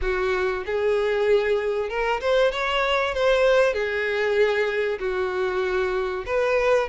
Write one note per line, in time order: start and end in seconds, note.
0.01 0.64 F#4
0.66 1.89 G#4
1.89 2.20 A#4
2.20 2.51 C5
2.51 3.14 C#5
3.14 3.73 C5
3.73 4.98 G#4
4.99 6.24 F#4
6.26 6.88 B4